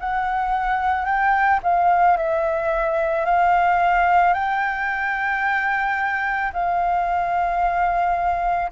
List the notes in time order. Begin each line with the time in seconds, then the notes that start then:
0.00 F#5
1.05 G5
1.63 F5
2.17 E5
3.25 F5
4.34 G5
6.53 F5